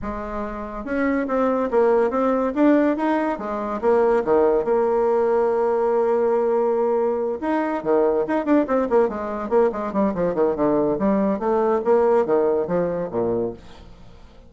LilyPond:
\new Staff \with { instrumentName = "bassoon" } { \time 4/4 \tempo 4 = 142 gis2 cis'4 c'4 | ais4 c'4 d'4 dis'4 | gis4 ais4 dis4 ais4~ | ais1~ |
ais4. dis'4 dis4 dis'8 | d'8 c'8 ais8 gis4 ais8 gis8 g8 | f8 dis8 d4 g4 a4 | ais4 dis4 f4 ais,4 | }